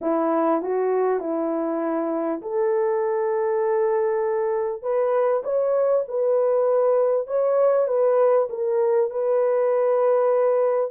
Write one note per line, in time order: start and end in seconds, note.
0.01 0.61 E4
0.61 1.20 F#4
1.20 2.41 E4
2.41 4.82 A4
4.82 5.42 B4
5.43 6.04 C#5
6.08 7.27 B4
7.27 7.87 C#5
7.87 8.48 B4
8.49 9.10 A#4
9.10 10.91 B4